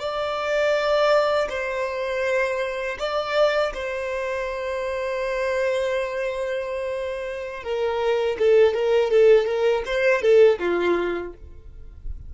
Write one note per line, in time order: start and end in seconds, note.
0.00 1.48 D5
1.49 2.98 C5
2.99 3.73 D5
3.74 7.63 C5
7.63 8.37 A#4
8.39 8.74 A4
8.74 9.11 A#4
9.11 9.46 A4
9.46 9.84 A#4
9.86 10.22 C5
10.22 10.59 A4
10.59 11.33 F4